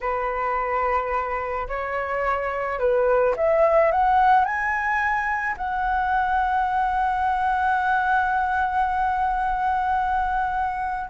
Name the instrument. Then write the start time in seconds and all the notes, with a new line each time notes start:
flute
0.00 B4
1.68 C#5
2.79 B4
3.36 E5
3.91 F#5
4.44 G#5
5.57 F#5